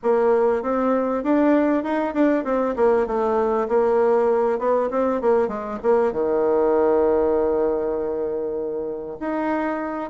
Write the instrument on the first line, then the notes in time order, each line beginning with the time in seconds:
bassoon
0.03 A#3
0.62 C4
1.23 D4
1.83 D#4
2.14 D4
2.44 C4
2.76 A#3
3.06 A3
3.68 A#3
4.59 B3
4.90 C4
5.21 A#3
5.47 G#3
5.82 A#3
6.12 D#3
9.19 D#4